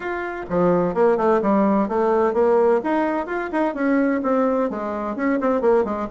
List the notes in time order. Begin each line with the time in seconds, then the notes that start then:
0.00 F4
0.49 F3
0.94 A#3
1.17 A3
1.42 G3
1.88 A3
2.33 A#3
2.83 D#4
3.26 F4
3.52 D#4
3.74 C#4
4.23 C4
4.69 G#3
5.16 C#4
5.40 C4
5.61 A#3
5.84 G#3